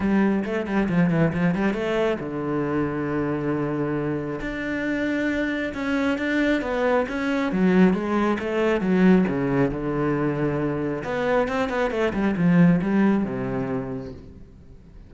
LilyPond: \new Staff \with { instrumentName = "cello" } { \time 4/4 \tempo 4 = 136 g4 a8 g8 f8 e8 f8 g8 | a4 d2.~ | d2 d'2~ | d'4 cis'4 d'4 b4 |
cis'4 fis4 gis4 a4 | fis4 cis4 d2~ | d4 b4 c'8 b8 a8 g8 | f4 g4 c2 | }